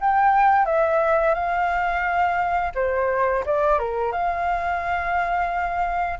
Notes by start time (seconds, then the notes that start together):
0.00 G5
0.66 E5
1.34 F5
2.75 C5
3.45 D5
3.79 A#4
4.12 F5